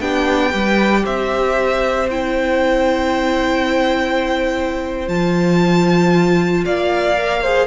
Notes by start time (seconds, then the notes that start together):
0.00 B3 D4 G4 G5
0.50 G3 G4 B4
1.04 C4 C5 E5
2.10 E4 G5
5.07 F3 F4 A5
6.65 A#3 D5 F5
7.17 A#4
7.42 G#4 C5